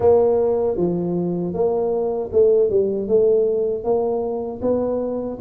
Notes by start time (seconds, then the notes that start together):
0.00 A#3
0.77 F3
1.53 A#3
2.32 A3
2.70 G3
3.08 A3
3.84 A#3
4.61 B3